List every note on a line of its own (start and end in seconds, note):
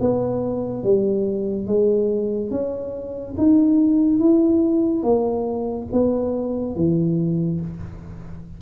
0.00 0.83 B3
0.83 1.67 G3
1.67 2.50 G#3
2.50 3.35 C#4
3.37 4.19 D#4
4.19 5.03 E4
5.03 5.87 A#3
5.92 6.76 B3
6.76 7.60 E3